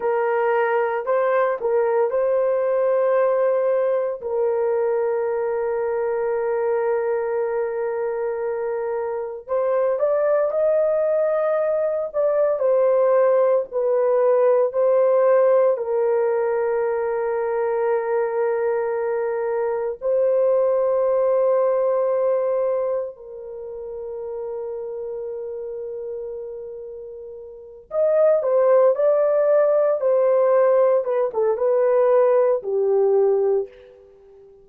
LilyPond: \new Staff \with { instrumentName = "horn" } { \time 4/4 \tempo 4 = 57 ais'4 c''8 ais'8 c''2 | ais'1~ | ais'4 c''8 d''8 dis''4. d''8 | c''4 b'4 c''4 ais'4~ |
ais'2. c''4~ | c''2 ais'2~ | ais'2~ ais'8 dis''8 c''8 d''8~ | d''8 c''4 b'16 a'16 b'4 g'4 | }